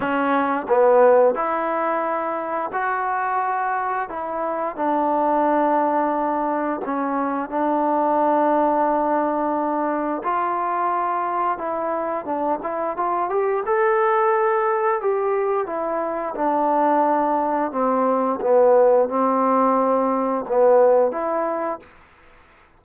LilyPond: \new Staff \with { instrumentName = "trombone" } { \time 4/4 \tempo 4 = 88 cis'4 b4 e'2 | fis'2 e'4 d'4~ | d'2 cis'4 d'4~ | d'2. f'4~ |
f'4 e'4 d'8 e'8 f'8 g'8 | a'2 g'4 e'4 | d'2 c'4 b4 | c'2 b4 e'4 | }